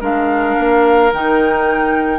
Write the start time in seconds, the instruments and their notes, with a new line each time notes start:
0.00 bassoon G#3, clarinet D4, oboe A#4, flute F5
0.58 bassoon A#3
1.12 bassoon D#3, clarinet D#4, flute G5